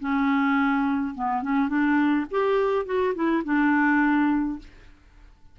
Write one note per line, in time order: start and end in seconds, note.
0.00 1.14 C#4
1.15 1.42 B3
1.42 1.69 C#4
1.69 2.26 D4
2.31 2.85 G4
2.85 3.14 F#4
3.15 3.43 E4
3.44 4.58 D4